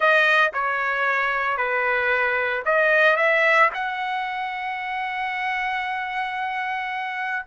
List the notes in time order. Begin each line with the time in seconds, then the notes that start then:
0.00 D#5
0.53 C#5
1.57 B4
2.65 D#5
3.16 E5
3.74 F#5